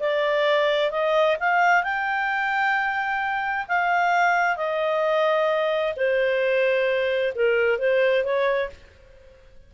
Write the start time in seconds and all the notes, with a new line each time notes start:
0.00 D5
0.91 D#5
1.40 F5
1.84 G5
3.68 F5
4.57 D#5
5.96 C5
7.35 A#4
7.79 C5
8.24 C#5